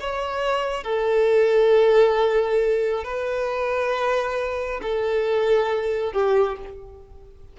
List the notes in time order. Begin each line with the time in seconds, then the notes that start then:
0.00 C#5
0.84 A4
3.04 B4
4.82 A4
6.13 G4